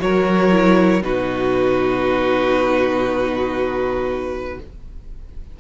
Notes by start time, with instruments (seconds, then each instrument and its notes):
0.00 cello F#3, viola F#4, violin A#4 C#5
0.51 viola E4
1.02 cello B2, viola D#4, violin F#4 B4